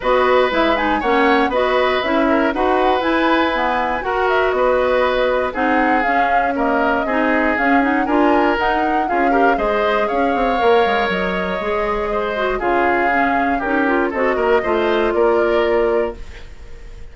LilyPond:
<<
  \new Staff \with { instrumentName = "flute" } { \time 4/4 \tempo 4 = 119 dis''4 e''8 gis''8 fis''4 dis''4 | e''4 fis''4 gis''2 | fis''8 e''8 dis''2 fis''4 | f''4 dis''2 f''8 fis''8 |
gis''4 fis''4 f''4 dis''4 | f''2 dis''2~ | dis''4 f''2 ais'4 | dis''2 d''2 | }
  \new Staff \with { instrumentName = "oboe" } { \time 4/4 b'2 cis''4 b'4~ | b'8 ais'8 b'2. | ais'4 b'2 gis'4~ | gis'4 ais'4 gis'2 |
ais'2 gis'8 ais'8 c''4 | cis''1 | c''4 gis'2 g'4 | a'8 ais'8 c''4 ais'2 | }
  \new Staff \with { instrumentName = "clarinet" } { \time 4/4 fis'4 e'8 dis'8 cis'4 fis'4 | e'4 fis'4 e'4 b4 | fis'2. dis'4 | cis'4 ais4 dis'4 cis'8 dis'8 |
f'4 dis'4 f'8 g'8 gis'4~ | gis'4 ais'2 gis'4~ | gis'8 fis'8 f'4 cis'4 dis'8 f'8 | fis'4 f'2. | }
  \new Staff \with { instrumentName = "bassoon" } { \time 4/4 b4 gis4 ais4 b4 | cis'4 dis'4 e'2 | fis'4 b2 c'4 | cis'2 c'4 cis'4 |
d'4 dis'4 cis'4 gis4 | cis'8 c'8 ais8 gis8 fis4 gis4~ | gis4 cis2 cis'4 | c'8 ais8 a4 ais2 | }
>>